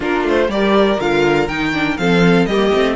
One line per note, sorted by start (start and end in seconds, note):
0.00 0.23 A#3
0.00 0.46 D4
0.00 0.48 F4
0.00 0.26 A#4
0.23 0.48 A3
0.23 0.50 C5
0.48 0.98 G3
0.48 0.99 G4
0.48 2.00 A#4
0.48 1.00 D5
0.99 1.48 D3
0.99 1.48 F4
0.99 1.47 F5
1.47 1.98 D#3
1.47 1.73 D#4
1.47 1.97 G5
1.73 1.97 D4
1.97 2.46 F3
1.97 2.48 C4
1.97 2.49 A4
1.97 2.45 F5
2.45 2.71 G3
2.45 2.72 A#3
2.45 2.95 G4
2.45 2.95 D#5
2.72 2.95 A3
2.72 2.95 C4